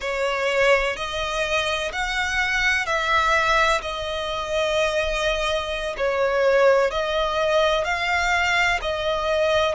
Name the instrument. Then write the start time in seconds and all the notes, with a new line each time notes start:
violin
0.00 C#5
0.96 D#5
1.92 F#5
2.86 E5
3.81 D#5
5.97 C#5
6.90 D#5
7.84 F5
8.81 D#5